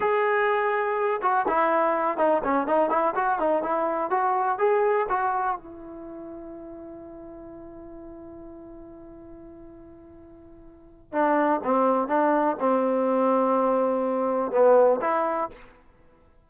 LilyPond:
\new Staff \with { instrumentName = "trombone" } { \time 4/4 \tempo 4 = 124 gis'2~ gis'8 fis'8 e'4~ | e'8 dis'8 cis'8 dis'8 e'8 fis'8 dis'8 e'8~ | e'8 fis'4 gis'4 fis'4 e'8~ | e'1~ |
e'1~ | e'2. d'4 | c'4 d'4 c'2~ | c'2 b4 e'4 | }